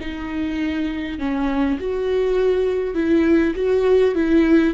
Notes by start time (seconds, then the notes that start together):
0.00 D#4
1.19 C#4
1.79 F#4
2.94 E4
3.55 F#4
4.14 E4